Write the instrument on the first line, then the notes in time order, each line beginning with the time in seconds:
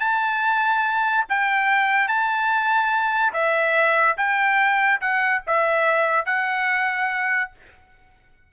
trumpet
0.00 A5
1.29 G5
2.08 A5
3.33 E5
4.17 G5
5.00 F#5
5.47 E5
6.25 F#5